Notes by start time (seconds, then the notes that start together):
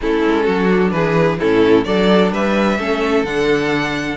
0.01 A3 C#4 E4 A4
0.25 G#3
0.44 F#3 F#4
0.69 D4
0.91 E3 G#4 B4
1.39 A2 C#4 E4 A4
1.84 F#3 D4 A4 D5
2.32 G3 B4 E5
2.78 A3 C#4 A4
3.23 D3 D4 F#5